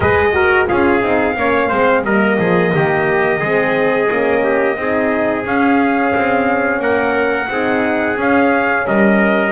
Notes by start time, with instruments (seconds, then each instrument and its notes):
0.00 double bass G#3, horn G#4, trumpet B4 D#5
0.33 horn F#4, trumpet A#4
0.66 double bass C#4, horn F4, trumpet G#4 F5
1.01 double bass C4, horn D#4
1.36 double bass A#3, horn C#4, trumpet C#5
1.68 double bass G#3, horn C4, trumpet C5
2.04 double bass G3, horn A#3, trumpet A#4 D#5
2.38 double bass F3, trumpet G#4
2.74 double bass D#3, trumpet G4
3.39 double bass G#3, horn C4, trumpet G#4
4.07 double bass A#3, horn C#4
4.43 trumpet G4
4.76 double bass C4, horn D#4, trumpet G#4
5.45 horn C#4, double bass C#4, trumpet F5
6.15 double bass C4
6.79 double bass A#3, trumpet A#4 F#5
7.48 double bass C4, horn D#4, trumpet G#4
8.16 horn C#4, double bass C#4, trumpet F5
8.86 double bass G3, trumpet A#4 D#5